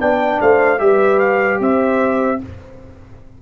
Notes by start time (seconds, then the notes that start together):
0.00 B3 D4 D5 G5
0.41 A3 C5 F5
0.79 G3 G4 B4 E5
1.19 F5
1.60 C4 C5 E5